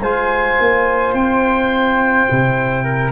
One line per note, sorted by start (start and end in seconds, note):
0.00 0.57 G#3
0.00 2.28 F4
0.00 2.83 C5
0.00 1.14 G#5
0.59 1.13 A#3
1.13 2.27 C4
1.13 3.11 G5
2.28 3.11 C3
2.28 3.11 E4
2.83 3.11 A#4